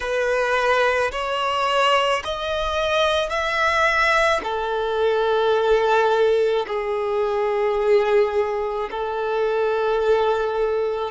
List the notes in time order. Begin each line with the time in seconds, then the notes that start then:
0.00 B4
1.11 C#5
2.24 D#5
3.29 E5
4.43 A4
6.67 G#4
8.90 A4